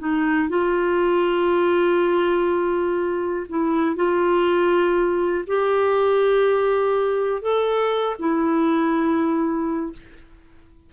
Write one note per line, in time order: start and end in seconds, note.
0.00 0.49 D#4
0.49 3.47 F4
3.49 3.96 E4
3.96 5.45 F4
5.48 7.42 G4
7.42 8.17 A4
8.20 9.93 E4